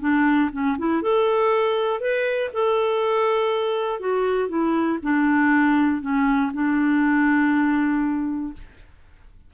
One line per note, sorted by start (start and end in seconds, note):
0.00 0.50 D4
0.52 0.77 C#4
0.78 1.02 E4
1.02 2.00 A4
2.00 2.50 B4
2.53 4.00 A4
4.00 4.48 F#4
4.48 4.98 E4
5.02 6.01 D4
6.01 6.51 C#4
6.53 8.53 D4